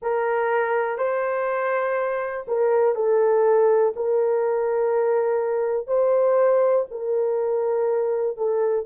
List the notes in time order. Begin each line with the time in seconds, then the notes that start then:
0.01 A#4
0.97 C5
2.47 A#4
2.95 A4
3.96 A#4
5.87 C5
6.91 A#4
8.37 A4